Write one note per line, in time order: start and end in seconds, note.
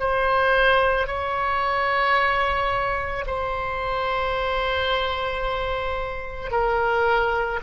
0.00 1.07 C5
1.07 3.25 C#5
3.27 6.51 C5
6.51 7.60 A#4